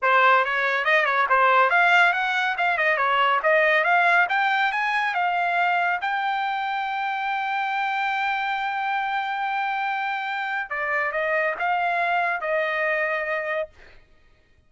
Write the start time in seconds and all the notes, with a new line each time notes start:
0.02 C5
0.45 C#5
0.84 D#5
1.05 C#5
1.29 C5
1.69 F5
2.13 F#5
2.57 F5
2.77 D#5
2.97 C#5
3.42 D#5
3.84 F5
4.29 G5
4.72 G#5
5.14 F5
6.01 G5
10.70 D5
11.12 D#5
11.59 F5
12.40 D#5